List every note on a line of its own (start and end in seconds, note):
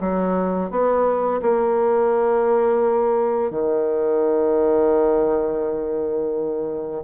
0.00 0.70 F#3
0.70 1.41 B3
1.41 3.50 A#3
3.50 7.03 D#3